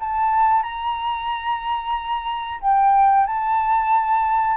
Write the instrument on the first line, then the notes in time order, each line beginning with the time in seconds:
flute
0.00 A5
0.63 A#5
2.61 G5
3.26 A5